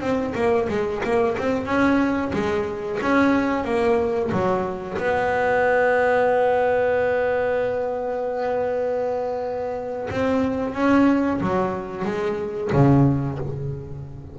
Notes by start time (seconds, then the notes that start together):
0.00 C4
0.34 A#3
0.69 G#3
1.03 A#3
1.38 C4
1.65 C#4
2.33 G#3
3.01 C#4
3.64 A#3
4.31 F#3
4.98 B3
10.10 C4
10.74 C#4
11.40 F#3
12.04 G#3
12.72 C#3